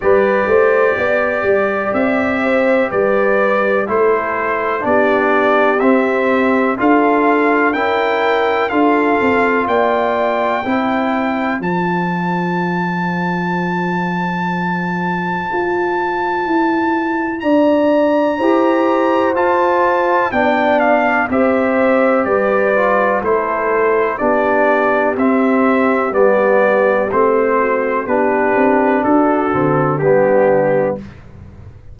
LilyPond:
<<
  \new Staff \with { instrumentName = "trumpet" } { \time 4/4 \tempo 4 = 62 d''2 e''4 d''4 | c''4 d''4 e''4 f''4 | g''4 f''4 g''2 | a''1~ |
a''2 ais''2 | a''4 g''8 f''8 e''4 d''4 | c''4 d''4 e''4 d''4 | c''4 b'4 a'4 g'4 | }
  \new Staff \with { instrumentName = "horn" } { \time 4/4 b'8 c''8 d''4. c''8 b'4 | a'4 g'2 a'4 | ais'4 a'4 d''4 c''4~ | c''1~ |
c''2 d''4 c''4~ | c''4 d''4 c''4 b'4 | a'4 g'2.~ | g'8 fis'8 g'4 fis'4 d'4 | }
  \new Staff \with { instrumentName = "trombone" } { \time 4/4 g'1 | e'4 d'4 c'4 f'4 | e'4 f'2 e'4 | f'1~ |
f'2. g'4 | f'4 d'4 g'4. f'8 | e'4 d'4 c'4 b4 | c'4 d'4. c'8 b4 | }
  \new Staff \with { instrumentName = "tuba" } { \time 4/4 g8 a8 b8 g8 c'4 g4 | a4 b4 c'4 d'4 | cis'4 d'8 c'8 ais4 c'4 | f1 |
f'4 e'4 d'4 e'4 | f'4 b4 c'4 g4 | a4 b4 c'4 g4 | a4 b8 c'8 d'8 d8 g4 | }
>>